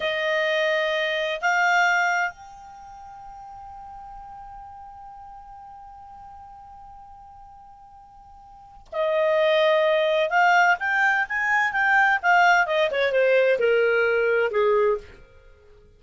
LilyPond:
\new Staff \with { instrumentName = "clarinet" } { \time 4/4 \tempo 4 = 128 dis''2. f''4~ | f''4 g''2.~ | g''1~ | g''1~ |
g''2. dis''4~ | dis''2 f''4 g''4 | gis''4 g''4 f''4 dis''8 cis''8 | c''4 ais'2 gis'4 | }